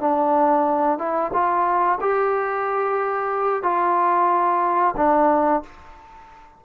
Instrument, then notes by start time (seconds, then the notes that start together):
trombone
0.00 D4
0.98 E4
1.33 F4
2.00 G4
3.63 F4
4.97 D4